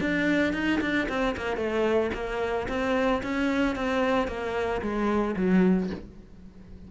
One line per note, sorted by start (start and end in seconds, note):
0.00 0.53 D4
0.53 0.80 D#4
0.80 1.07 D4
1.09 1.35 C4
1.36 1.56 A#3
1.56 2.10 A3
2.14 2.67 A#3
2.68 3.21 C4
3.22 3.75 C#4
3.75 4.27 C4
4.27 4.81 A#3
4.81 5.35 G#3
5.36 5.90 F#3